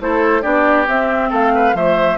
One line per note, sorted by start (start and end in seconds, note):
0.00 0.44 A3
0.00 0.42 E4
0.00 0.42 A4
0.00 0.42 C5
0.42 0.87 B3
0.42 0.85 D4
0.42 1.29 G4
0.42 0.86 D5
0.87 1.30 C4
0.87 1.74 C4
0.87 1.31 E5
1.30 1.73 A3
1.30 1.51 A4
1.30 1.76 F5
1.55 1.75 B4
1.73 2.17 F3
1.73 2.17 A3
1.73 2.17 C5
1.73 2.17 E5